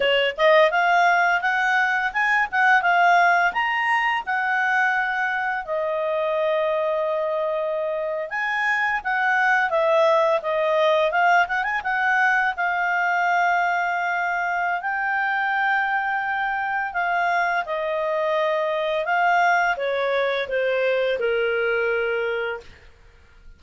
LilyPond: \new Staff \with { instrumentName = "clarinet" } { \time 4/4 \tempo 4 = 85 cis''8 dis''8 f''4 fis''4 gis''8 fis''8 | f''4 ais''4 fis''2 | dis''2.~ dis''8. gis''16~ | gis''8. fis''4 e''4 dis''4 f''16~ |
f''16 fis''16 gis''16 fis''4 f''2~ f''16~ | f''4 g''2. | f''4 dis''2 f''4 | cis''4 c''4 ais'2 | }